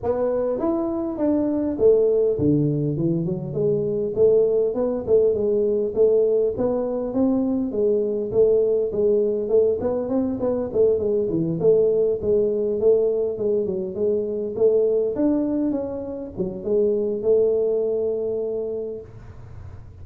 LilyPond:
\new Staff \with { instrumentName = "tuba" } { \time 4/4 \tempo 4 = 101 b4 e'4 d'4 a4 | d4 e8 fis8 gis4 a4 | b8 a8 gis4 a4 b4 | c'4 gis4 a4 gis4 |
a8 b8 c'8 b8 a8 gis8 e8 a8~ | a8 gis4 a4 gis8 fis8 gis8~ | gis8 a4 d'4 cis'4 fis8 | gis4 a2. | }